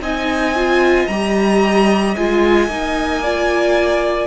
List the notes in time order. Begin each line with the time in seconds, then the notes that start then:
0.00 C4 D#4 D#5 G#5
0.55 F4
1.07 G3 G4 A#5
2.16 G#3 F4 G#5
2.68 A#3 D#4
3.23 F4 D5